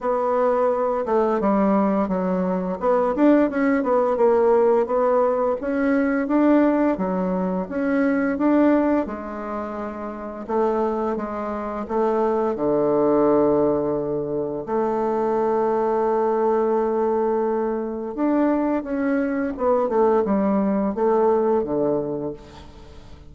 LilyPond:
\new Staff \with { instrumentName = "bassoon" } { \time 4/4 \tempo 4 = 86 b4. a8 g4 fis4 | b8 d'8 cis'8 b8 ais4 b4 | cis'4 d'4 fis4 cis'4 | d'4 gis2 a4 |
gis4 a4 d2~ | d4 a2.~ | a2 d'4 cis'4 | b8 a8 g4 a4 d4 | }